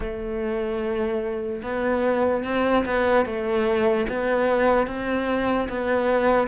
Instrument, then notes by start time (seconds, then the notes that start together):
cello
0.00 A3
1.62 B3
2.44 C4
2.85 B3
3.25 A3
4.08 B3
4.86 C4
5.68 B3